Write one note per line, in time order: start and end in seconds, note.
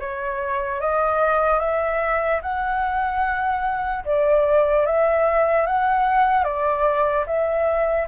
0.00 0.81 C#5
0.81 1.60 D#5
1.60 2.41 E5
2.43 4.05 F#5
4.05 4.86 D5
4.86 5.67 E5
5.67 6.44 F#5
6.44 7.25 D5
7.27 8.08 E5